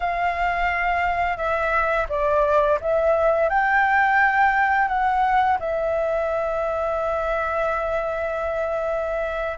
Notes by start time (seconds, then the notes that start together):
0.00 F5
1.37 E5
2.09 D5
2.80 E5
3.49 G5
4.88 F#5
5.59 E5